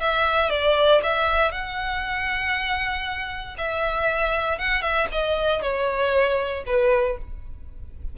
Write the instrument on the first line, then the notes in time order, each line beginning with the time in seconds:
violin
0.00 E5
0.50 D5
1.03 E5
1.51 F#5
3.58 E5
4.58 F#5
4.82 E5
5.12 D#5
5.62 C#5
6.66 B4